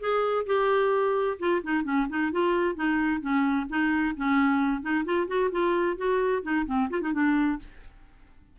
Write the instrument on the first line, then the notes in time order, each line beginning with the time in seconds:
clarinet
0.00 G#4
0.46 G4
1.39 F4
1.63 D#4
1.84 C#4
2.09 D#4
2.32 F4
2.75 D#4
3.21 C#4
3.70 D#4
4.17 C#4
4.82 D#4
5.05 F4
5.27 F#4
5.51 F4
5.97 F#4
6.43 D#4
6.66 C4
6.90 F4
7.01 D#4
7.13 D4